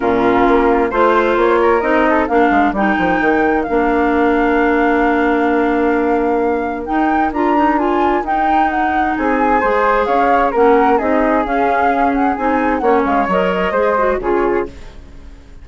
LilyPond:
<<
  \new Staff \with { instrumentName = "flute" } { \time 4/4 \tempo 4 = 131 ais'2 c''4 cis''4 | dis''4 f''4 g''2 | f''1~ | f''2. g''4 |
ais''4 gis''4 g''4 fis''4 | gis''2 f''4 fis''4 | dis''4 f''4. fis''8 gis''4 | fis''8 f''8 dis''2 cis''4 | }
  \new Staff \with { instrumentName = "flute" } { \time 4/4 f'2 c''4. ais'8~ | ais'8 a'8 ais'2.~ | ais'1~ | ais'1~ |
ais'1 | gis'4 c''4 cis''4 ais'4 | gis'1 | cis''2 c''4 gis'4 | }
  \new Staff \with { instrumentName = "clarinet" } { \time 4/4 cis'2 f'2 | dis'4 d'4 dis'2 | d'1~ | d'2. dis'4 |
f'8 dis'8 f'4 dis'2~ | dis'4 gis'2 cis'4 | dis'4 cis'2 dis'4 | cis'4 ais'4 gis'8 fis'8 f'4 | }
  \new Staff \with { instrumentName = "bassoon" } { \time 4/4 ais,4 ais4 a4 ais4 | c'4 ais8 gis8 g8 f8 dis4 | ais1~ | ais2. dis'4 |
d'2 dis'2 | c'4 gis4 cis'4 ais4 | c'4 cis'2 c'4 | ais8 gis8 fis4 gis4 cis4 | }
>>